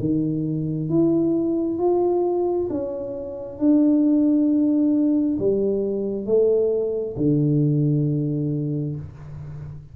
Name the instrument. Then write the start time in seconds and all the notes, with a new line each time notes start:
tuba
0.00 D#3
0.89 E4
1.79 F4
2.70 C#4
3.59 D4
5.39 G3
6.26 A3
7.17 D3